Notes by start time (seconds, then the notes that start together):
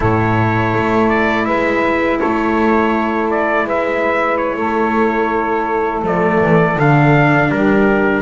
0.00 A2 E4 A4 C#5
0.73 A3
1.09 D5
1.45 G#3 B4 E5
2.18 A3 A4 C#5
3.30 D5
3.64 G#3 B4 E5
4.37 C#5
4.55 A3 A4
6.02 F3 A3 D5
6.40 E3
6.76 D3 D4 F5
7.48 G3 G4 A#4